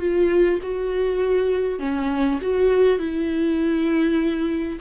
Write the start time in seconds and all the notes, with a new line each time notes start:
0.00 F4
0.63 F#4
1.80 C#4
2.42 F#4
2.99 E4